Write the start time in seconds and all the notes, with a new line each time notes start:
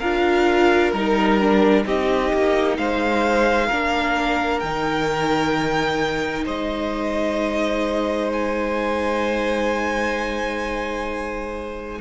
0.00 D4 F4 A#4 F5
0.91 G3 D#4 A#4
1.40 D4
1.85 C4 D#4 G4 D#5
2.33 A#3
2.77 G#3 C5 F5
3.67 A#3 D4 A#4
4.59 D#3 D#4 G5
6.44 G#3 C5 D#5
8.32 G#5